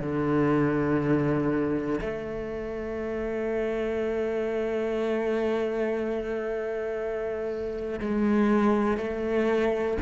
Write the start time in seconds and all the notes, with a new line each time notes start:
0.00 D3
2.00 A3
7.99 G#3
8.97 A3